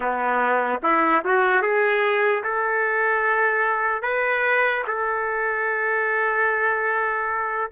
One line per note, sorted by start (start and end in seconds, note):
0.00 0.79 B3
0.82 1.23 E4
1.25 1.62 F#4
1.62 2.43 G#4
2.43 4.02 A4
4.02 4.83 B4
4.87 7.71 A4